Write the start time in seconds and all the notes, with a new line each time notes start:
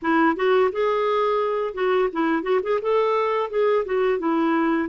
0.02 E4
0.36 F#4
0.72 G#4
1.73 F#4
2.12 E4
2.43 F#4
2.62 G#4
2.81 A4
3.49 G#4
3.85 F#4
4.19 E4